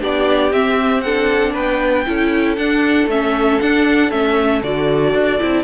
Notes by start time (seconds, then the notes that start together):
0.00 B3 D4 G4 D5
0.53 C4 E5
1.02 D4 A4 F#5
1.54 B3 B4 G5
2.06 C#4 E4 A4
2.57 D4 F#5
3.07 A3 C#4 E5
3.61 D4 F#5
4.11 A3 C#4 E5
4.63 D3 F#4 D5
5.15 D4
5.40 C4 E4